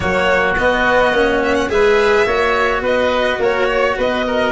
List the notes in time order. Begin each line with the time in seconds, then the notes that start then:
0.00 F#3 A#3 F#4 C#5
0.57 B3 D#5
1.11 A#3 C#4
1.43 E5
1.54 F#5
1.69 G#3 G#4 B4 E5
2.25 A#3 F#4 C#5
2.81 B3 B4 D#5
3.39 A#3 A#4 C#5
3.67 C#5
3.97 B3 B4 D#5
4.27 A#4